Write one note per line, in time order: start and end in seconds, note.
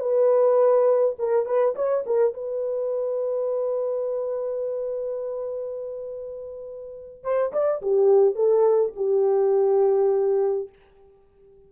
0.00 1.15 B4
1.19 1.46 A#4
1.46 1.75 B4
1.75 2.04 C#5
2.06 2.34 A#4
2.34 7.24 B4
7.24 7.52 C5
7.53 7.82 D5
7.82 8.35 G4
8.35 8.93 A4
8.96 10.69 G4